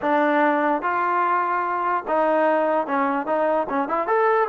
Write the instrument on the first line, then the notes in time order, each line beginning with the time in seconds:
trombone
0.01 D4
0.82 F4
2.07 D#4
2.86 C#4
3.26 D#4
3.69 C#4
3.88 E4
4.07 A4